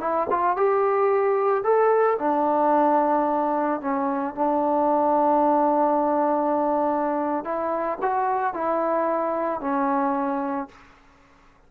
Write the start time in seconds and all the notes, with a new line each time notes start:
0.00 E4
0.30 F4
0.56 G4
1.63 A4
2.19 D4
3.81 C#4
4.35 D4
7.44 E4
8.02 F#4
8.54 E4
9.60 C#4